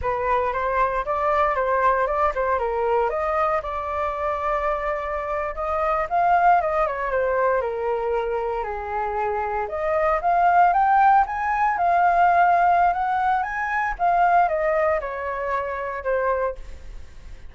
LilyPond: \new Staff \with { instrumentName = "flute" } { \time 4/4 \tempo 4 = 116 b'4 c''4 d''4 c''4 | d''8 c''8 ais'4 dis''4 d''4~ | d''2~ d''8. dis''4 f''16~ | f''8. dis''8 cis''8 c''4 ais'4~ ais'16~ |
ais'8. gis'2 dis''4 f''16~ | f''8. g''4 gis''4 f''4~ f''16~ | f''4 fis''4 gis''4 f''4 | dis''4 cis''2 c''4 | }